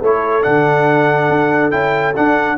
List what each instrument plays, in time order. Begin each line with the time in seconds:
0.00 tuba A3, trombone E4, horn A4, trumpet C#5
0.42 tuba D3, trombone D4, trumpet F#5
1.29 tuba D4
1.70 tuba C#4, trombone E4, trumpet G5
2.15 trombone D4, tuba D4, trumpet F#5